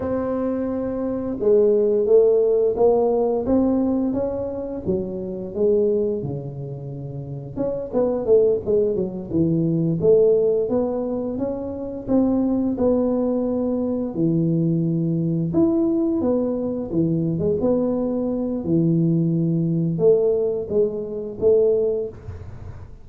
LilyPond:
\new Staff \with { instrumentName = "tuba" } { \time 4/4 \tempo 4 = 87 c'2 gis4 a4 | ais4 c'4 cis'4 fis4 | gis4 cis2 cis'8 b8 | a8 gis8 fis8 e4 a4 b8~ |
b8 cis'4 c'4 b4.~ | b8 e2 e'4 b8~ | b8 e8. gis16 b4. e4~ | e4 a4 gis4 a4 | }